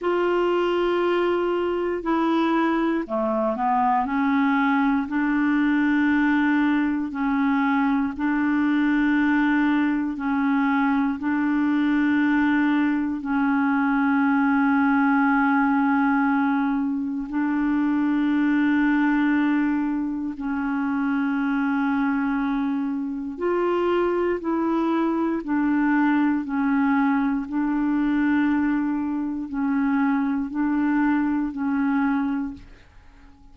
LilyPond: \new Staff \with { instrumentName = "clarinet" } { \time 4/4 \tempo 4 = 59 f'2 e'4 a8 b8 | cis'4 d'2 cis'4 | d'2 cis'4 d'4~ | d'4 cis'2.~ |
cis'4 d'2. | cis'2. f'4 | e'4 d'4 cis'4 d'4~ | d'4 cis'4 d'4 cis'4 | }